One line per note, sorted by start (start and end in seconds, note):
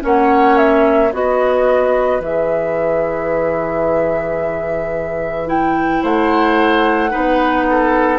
0.00 1.12 A#3
0.00 1.09 C#4
0.00 1.12 C#5
0.00 0.57 F#5
0.57 1.12 E5
1.12 2.20 B3
1.12 2.20 F#4
1.12 6.02 B4
1.12 2.22 D#5
2.20 6.01 E3
2.20 5.46 G#4
2.20 5.48 E5
5.46 7.10 E4
5.46 6.03 G5
6.02 7.12 A3
6.02 7.10 C5
6.02 8.19 F#5
7.10 8.19 B3
7.10 8.19 D#4
7.10 7.65 B4
7.69 8.19 A4